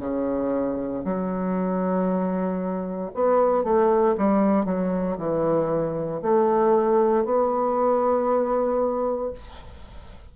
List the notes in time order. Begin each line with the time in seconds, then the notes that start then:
0.00 C#3
1.04 F#3
3.15 B3
3.64 A3
4.18 G3
4.66 F#3
5.18 E3
6.22 A3
7.25 B3